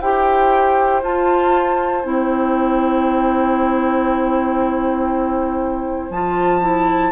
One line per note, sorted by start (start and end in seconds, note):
0.00 1.03 E4
0.00 1.02 G4
0.00 7.11 C5
0.00 1.02 G5
1.02 2.03 F4
1.02 2.04 F4
1.02 2.05 A5
2.03 6.10 C4
2.03 6.10 E4
2.03 6.11 G5
6.10 7.11 F3
6.10 6.61 F4
6.10 7.11 A5
6.61 7.11 E4